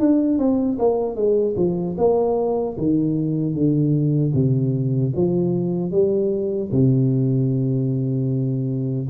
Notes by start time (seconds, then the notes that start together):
0.00 D4
0.39 C4
0.79 A#3
1.16 G#3
1.57 F3
1.98 A#3
2.78 D#3
3.55 D3
4.34 C3
5.16 F3
5.92 G3
6.72 C3